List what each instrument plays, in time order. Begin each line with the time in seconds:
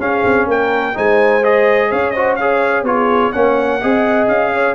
0.00 tuba C#4, trombone C#4, horn G#4, trumpet F5
0.24 tuba C4
0.47 tuba A#3, horn A#4, trumpet G5
0.94 tuba G#3, trombone D#4, horn C5, trumpet G#5
1.43 trombone G#4, trumpet D#5
1.90 tuba C#4, horn C#5, trumpet F5
2.11 trombone F#4, horn C5, trumpet D#5
2.36 trombone G#4, horn C#5, trumpet F5
2.83 tuba B3, trombone F4, horn G#4, trumpet C#5
3.32 tuba A#3, trombone C#4, horn C#5, trumpet F#5
3.81 tuba C4, trombone G#4, horn D#5
4.28 tuba C#4, trumpet F5
4.53 horn C#5